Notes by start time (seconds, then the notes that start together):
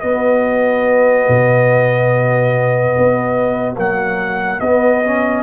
0.00 B3 F#4 D#5
1.28 B2
2.97 B3
3.76 F#3 A#3 F#5
4.60 B3 D#5
5.05 C#4